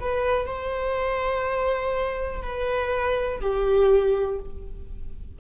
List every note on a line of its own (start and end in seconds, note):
0.00 0.46 B4
0.46 2.42 C5
2.42 3.41 B4
3.41 4.39 G4